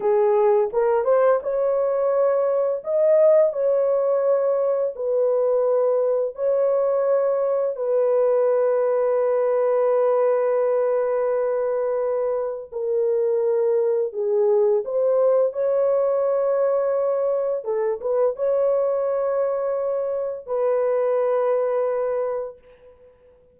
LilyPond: \new Staff \with { instrumentName = "horn" } { \time 4/4 \tempo 4 = 85 gis'4 ais'8 c''8 cis''2 | dis''4 cis''2 b'4~ | b'4 cis''2 b'4~ | b'1~ |
b'2 ais'2 | gis'4 c''4 cis''2~ | cis''4 a'8 b'8 cis''2~ | cis''4 b'2. | }